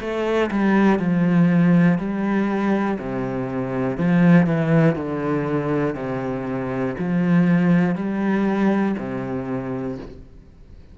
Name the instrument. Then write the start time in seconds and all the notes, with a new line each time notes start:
cello
0.00 A3
0.51 G3
0.99 F3
1.98 G3
2.99 C3
3.97 F3
4.46 E3
4.95 D3
5.95 C3
6.98 F3
7.95 G3
8.98 C3